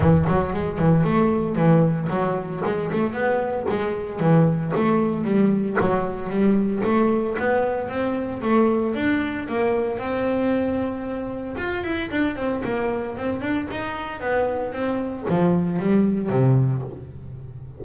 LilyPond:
\new Staff \with { instrumentName = "double bass" } { \time 4/4 \tempo 4 = 114 e8 fis8 gis8 e8 a4 e4 | fis4 gis8 a8 b4 gis4 | e4 a4 g4 fis4 | g4 a4 b4 c'4 |
a4 d'4 ais4 c'4~ | c'2 f'8 e'8 d'8 c'8 | ais4 c'8 d'8 dis'4 b4 | c'4 f4 g4 c4 | }